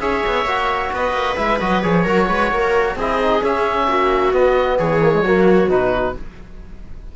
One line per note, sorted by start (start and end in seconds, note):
0.00 0.23 C#4
0.00 0.46 G#4
0.00 0.92 C#5
0.00 0.91 E5
0.26 0.45 B3
0.45 0.90 A#3
0.45 1.37 F#4
0.93 1.12 B3
0.93 2.04 B4
0.93 1.36 D#5
1.12 1.35 A#3
1.36 1.60 G#3
1.36 1.59 E4
1.36 1.59 E5
1.59 1.84 F#3
1.59 1.83 F#4
1.59 1.82 D#5
1.82 2.06 F3
1.82 2.05 G#4
1.82 2.96 C#5
2.04 2.28 F#3
2.04 2.98 F#4
2.04 2.27 A#4
2.28 2.51 G#3
2.28 2.51 B4
2.51 2.95 A#3
2.51 2.96 A#4
2.95 3.41 C4
2.95 3.22 E4
2.95 3.87 G#4
2.95 3.44 D#5
3.22 3.42 D#4
3.42 4.32 C#4
3.42 3.87 C#4
3.42 4.33 E5
3.87 4.32 A#3
3.87 4.78 F#4
4.32 5.00 B3
4.32 4.78 B3
4.32 4.78 D#5
4.78 5.22 E3
4.78 5.23 G#4
4.78 5.69 C#5
5.02 5.13 A#3
5.13 5.24 G#3
5.22 5.67 F#3
5.22 5.69 A#3
5.22 6.14 F#4
5.69 6.14 B2
5.69 6.14 D#4
5.69 6.16 B4